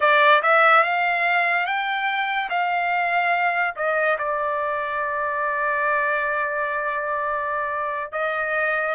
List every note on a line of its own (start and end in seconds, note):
0.00 0.42 D5
0.42 0.83 E5
0.83 1.66 F5
1.66 2.49 G5
2.49 3.74 F5
3.75 4.17 D#5
4.18 8.11 D5
8.11 8.95 D#5